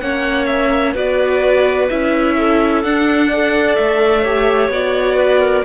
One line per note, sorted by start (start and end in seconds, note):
0.00 0.95 A#3
0.00 0.95 C#4
0.00 0.94 C#5
0.00 0.46 F#5
0.46 0.92 E5
0.94 1.88 B3
0.94 1.88 F#4
0.94 2.34 B4
0.94 1.89 D5
1.89 2.84 C#4
1.89 2.84 E4
1.89 2.82 E5
2.37 3.28 A4
2.82 3.77 D4
2.82 3.31 D4
2.82 3.75 F#5
3.28 4.24 A4
3.28 4.22 D5
3.75 4.68 A3
3.75 4.69 E5
4.22 4.71 G4
4.22 5.16 C#5
4.68 5.62 B3
4.68 5.64 F#4
4.68 5.64 D5
5.16 5.39 B4
5.40 5.63 A#4